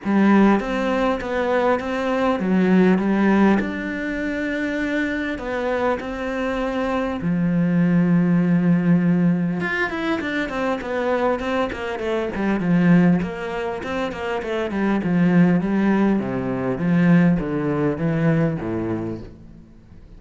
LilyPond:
\new Staff \with { instrumentName = "cello" } { \time 4/4 \tempo 4 = 100 g4 c'4 b4 c'4 | fis4 g4 d'2~ | d'4 b4 c'2 | f1 |
f'8 e'8 d'8 c'8 b4 c'8 ais8 | a8 g8 f4 ais4 c'8 ais8 | a8 g8 f4 g4 c4 | f4 d4 e4 a,4 | }